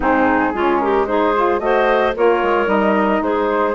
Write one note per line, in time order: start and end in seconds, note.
0.00 0.53 G#2
0.00 0.53 C4
0.00 0.53 D#4
0.00 0.78 G#4
0.54 1.59 G#3
0.54 1.07 C#4
0.54 0.80 F4
0.78 1.08 G4
0.78 1.05 A#4
1.07 1.34 D#4
1.07 1.61 G#4
1.07 1.59 C5
1.35 1.59 F4
1.59 2.13 A3
1.59 2.12 F#4
1.59 2.16 C5
1.59 2.13 D#5
2.15 2.43 A#3
2.15 2.65 F4
2.15 3.23 A#4
2.15 2.69 C#5
2.43 2.66 G#3
2.65 3.20 G3
2.65 3.72 D#4
2.65 3.22 D#5
3.21 3.74 G#3
3.21 3.75 G#4
3.21 3.75 C5